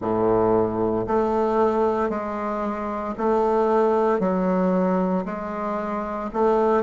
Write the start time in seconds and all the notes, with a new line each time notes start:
0.01 A2
1.07 A3
2.09 G#3
3.17 A3
4.19 F#3
5.25 G#3
6.33 A3